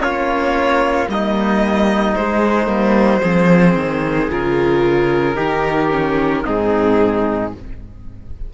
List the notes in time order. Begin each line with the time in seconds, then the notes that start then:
0.00 A#3 C#4 F4 C#5
1.09 G3 A#3 D#4 D#5
2.16 G#3 C5
2.67 G3 A#3
3.22 F3 C4 G#4
3.76 D#3
4.30 C#3 F4 A#4
5.35 D#3 D#4 G4
5.91 C#4
6.44 G#2 C4 D#4 G#4